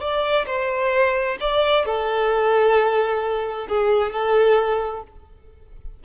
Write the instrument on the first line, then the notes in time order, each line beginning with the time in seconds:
violin
0.00 D5
0.46 C5
1.40 D5
1.86 A4
3.68 G#4
4.12 A4